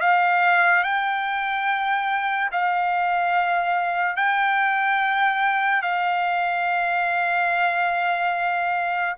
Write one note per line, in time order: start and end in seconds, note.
0.00 0.83 F5
0.83 2.50 G5
2.52 4.16 F5
4.16 5.82 G5
5.82 9.16 F5